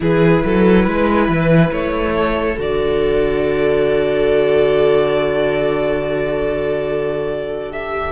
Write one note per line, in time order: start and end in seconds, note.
0.00 0.43 E3
0.00 2.56 E4
0.00 0.44 G#4
0.00 1.72 B4
0.44 0.87 F#3
0.44 0.84 A4
0.84 1.28 G#3
0.84 2.12 B4
1.28 1.71 E3
1.71 2.57 A3
1.71 2.57 C#5
2.16 8.12 A4
2.57 8.12 D3
2.57 7.71 F#4
2.57 7.72 D5
7.71 8.12 G4
7.71 8.12 E5